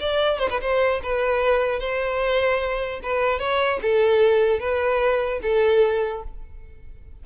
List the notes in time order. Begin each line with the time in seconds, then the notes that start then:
0.00 D5
0.39 C5
0.50 B4
0.61 C5
1.03 B4
1.79 C5
3.03 B4
3.39 C#5
3.82 A4
4.59 B4
5.42 A4